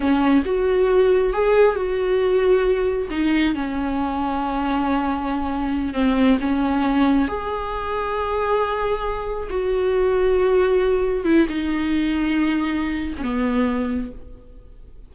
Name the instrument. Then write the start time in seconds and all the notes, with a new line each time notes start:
viola
0.00 C#4
0.45 F#4
1.33 G#4
1.75 F#4
3.10 D#4
3.54 C#4
5.93 C4
6.40 C#4
7.28 G#4
9.49 F#4
11.24 E4
11.48 D#4
13.17 B3 C#4